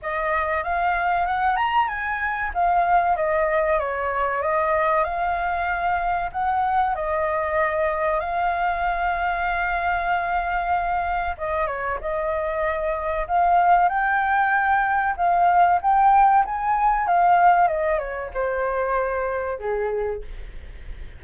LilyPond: \new Staff \with { instrumentName = "flute" } { \time 4/4 \tempo 4 = 95 dis''4 f''4 fis''8 ais''8 gis''4 | f''4 dis''4 cis''4 dis''4 | f''2 fis''4 dis''4~ | dis''4 f''2.~ |
f''2 dis''8 cis''8 dis''4~ | dis''4 f''4 g''2 | f''4 g''4 gis''4 f''4 | dis''8 cis''8 c''2 gis'4 | }